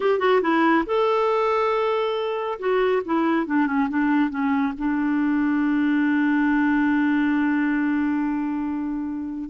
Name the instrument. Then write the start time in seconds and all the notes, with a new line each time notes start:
clarinet
0.00 G4
0.19 F#4
0.41 E4
0.86 A4
2.59 F#4
3.05 E4
3.46 D4
3.67 C#4
3.89 D4
4.30 C#4
4.78 D4